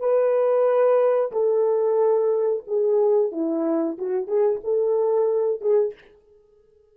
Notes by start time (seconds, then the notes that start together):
0.00 B4
1.32 A4
2.67 G#4
3.32 E4
3.98 F#4
4.27 G#4
4.64 A4
5.61 G#4